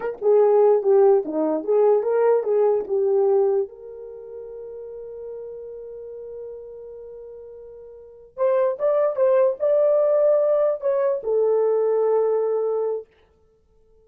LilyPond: \new Staff \with { instrumentName = "horn" } { \time 4/4 \tempo 4 = 147 ais'8 gis'4. g'4 dis'4 | gis'4 ais'4 gis'4 g'4~ | g'4 ais'2.~ | ais'1~ |
ais'1~ | ais'8 c''4 d''4 c''4 d''8~ | d''2~ d''8 cis''4 a'8~ | a'1 | }